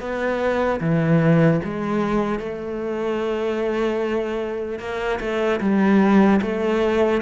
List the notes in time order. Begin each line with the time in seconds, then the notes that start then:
0.00 B3
0.80 E3
1.64 G#3
2.39 A3
4.79 A#3
5.20 A3
5.60 G3
6.41 A3